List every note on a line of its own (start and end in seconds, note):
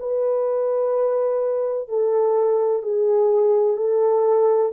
0.00 1.89 B4
1.89 2.83 A4
2.83 3.77 G#4
3.77 4.72 A4